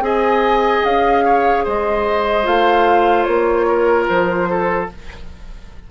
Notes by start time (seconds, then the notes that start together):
0.00 C4 G#4 D#5 G#5
0.84 C#4 F5
1.24 C#5
1.64 G#3 C5 D#5
2.43 A3 F4 F5
3.23 A#3 C#5
3.67 A#4
4.08 F3 C5
4.50 A4